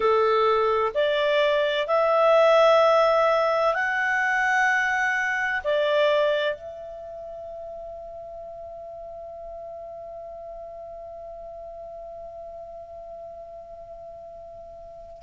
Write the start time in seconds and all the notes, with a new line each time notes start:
0.00 A4
0.94 D5
1.87 E5
3.74 F#5
5.63 D5
6.55 E5